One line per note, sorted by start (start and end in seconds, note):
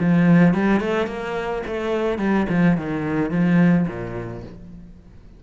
0.00 0.54 F3
0.54 0.81 G3
0.81 1.07 A3
1.07 1.63 A#3
1.67 2.19 A3
2.19 2.47 G3
2.50 2.78 F3
2.78 3.31 D#3
3.31 3.87 F3
3.88 4.44 A#2